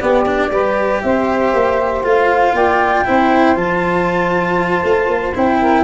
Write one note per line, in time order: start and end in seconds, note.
0.00 0.26 B3
0.00 0.51 B3
0.00 0.51 G4
0.00 1.02 D5
0.26 0.51 D4
0.51 1.02 G3
0.51 2.04 G4
0.51 1.03 B4
1.02 1.53 C4
1.02 2.55 C5
1.02 2.04 E5
1.53 2.04 A#3
2.04 2.54 A3
2.04 3.06 F4
2.04 2.56 F5
2.54 3.04 A#3
2.54 3.06 D5
2.54 3.57 G5
3.06 3.56 C4
3.06 3.56 E4
3.06 5.60 C5
3.56 4.83 F3
3.56 5.34 F4
3.56 5.35 A5
4.84 5.08 A3
5.08 5.33 A#3
5.35 5.85 C4
5.35 5.85 E4
5.35 5.85 G5
5.60 5.85 A#4